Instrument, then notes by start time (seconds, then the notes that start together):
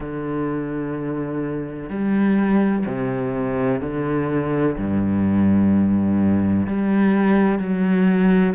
cello
0.00 D3
1.89 G3
2.86 C3
3.81 D3
4.77 G2
6.66 G3
7.58 F#3